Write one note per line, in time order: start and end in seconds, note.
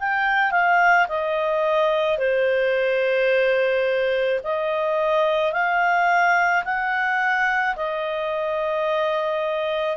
0.00 0.52 G5
0.52 1.07 F5
1.09 2.18 D#5
2.18 4.40 C5
4.44 5.53 D#5
5.53 6.64 F5
6.65 7.76 F#5
7.76 9.97 D#5